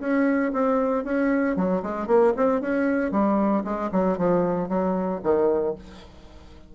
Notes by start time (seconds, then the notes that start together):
0.00 C#4
0.52 C4
1.04 C#4
1.56 F#3
1.83 G#3
2.07 A#3
2.36 C4
2.61 C#4
3.12 G3
3.64 G#3
3.92 F#3
4.18 F3
4.69 F#3
5.23 D#3